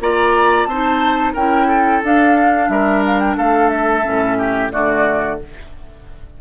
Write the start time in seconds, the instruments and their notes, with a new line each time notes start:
0.00 bassoon A#3, clarinet F4, oboe D5, flute A#5
0.65 bassoon C4, oboe C5, flute A5
0.71 clarinet D#4
1.33 bassoon C#4, clarinet E4, oboe A#4, flute G5
1.67 oboe A4
2.03 bassoon D4, clarinet D4, flute F5
2.68 bassoon G3, oboe A#4, flute E5
3.05 flute F5
3.19 flute G5
3.37 bassoon A3, oboe A4, flute F5
3.69 flute E5
4.03 bassoon A2, clarinet C#4
4.38 oboe G4
4.71 bassoon D3, clarinet A3, oboe F#4, flute D5